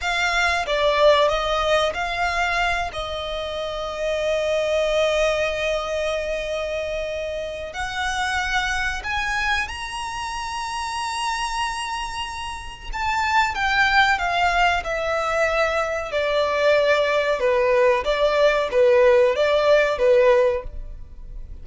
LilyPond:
\new Staff \with { instrumentName = "violin" } { \time 4/4 \tempo 4 = 93 f''4 d''4 dis''4 f''4~ | f''8 dis''2.~ dis''8~ | dis''1 | fis''2 gis''4 ais''4~ |
ais''1 | a''4 g''4 f''4 e''4~ | e''4 d''2 b'4 | d''4 b'4 d''4 b'4 | }